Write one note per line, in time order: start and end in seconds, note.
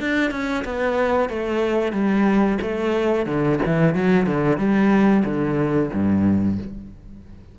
0.00 0.31 D4
0.31 0.64 C#4
0.65 1.29 B3
1.29 1.92 A3
1.92 2.58 G3
2.62 3.26 A3
3.26 3.59 D3
3.66 3.95 E3
3.95 4.27 F#3
4.27 4.58 D3
4.58 5.24 G3
5.25 5.91 D3
5.93 6.59 G2